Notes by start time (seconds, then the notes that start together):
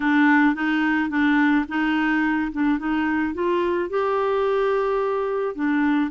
0.00 D4
0.54 D#4
1.09 D4
1.68 D#4
2.52 D4
2.78 D#4
3.34 F4
3.89 G4
5.55 D4